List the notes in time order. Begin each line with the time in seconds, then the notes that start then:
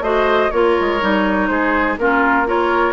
0.00 A3 F#4 C5 D#5
0.50 A#3 F4 A#4 C#5
0.80 G#3
1.00 G3 D#4
1.47 G#3 G#4 C5
1.97 A#3 C#4 F4 A#4
2.45 F4 A#4 C#5